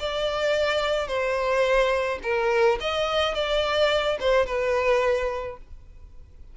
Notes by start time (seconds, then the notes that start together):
0.00 D5
1.08 C5
2.23 A#4
2.81 D#5
3.35 D5
4.20 C5
4.46 B4